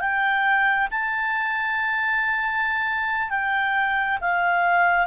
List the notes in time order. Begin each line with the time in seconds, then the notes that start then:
0.00 G5
0.91 A5
3.30 G5
4.21 F5